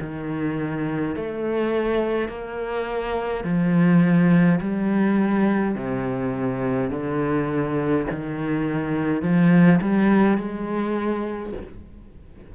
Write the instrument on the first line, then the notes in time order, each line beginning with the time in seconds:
cello
0.00 D#3
1.15 A3
2.28 A#3
3.44 F3
4.60 G3
5.75 C3
6.90 D3
8.10 D#3
9.22 F3
9.81 G3
10.37 G#3